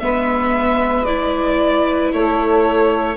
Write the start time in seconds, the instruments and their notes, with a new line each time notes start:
0.00 bassoon G#3, viola B3, saxophone B4, violin E5
1.05 viola E4, violin D5
2.12 bassoon A3, saxophone A4, violin C#5